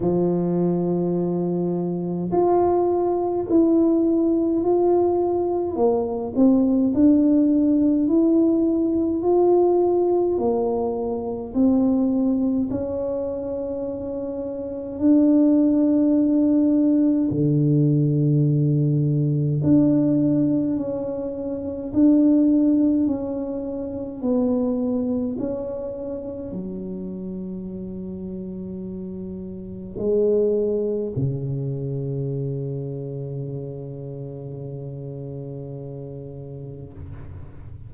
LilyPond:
\new Staff \with { instrumentName = "tuba" } { \time 4/4 \tempo 4 = 52 f2 f'4 e'4 | f'4 ais8 c'8 d'4 e'4 | f'4 ais4 c'4 cis'4~ | cis'4 d'2 d4~ |
d4 d'4 cis'4 d'4 | cis'4 b4 cis'4 fis4~ | fis2 gis4 cis4~ | cis1 | }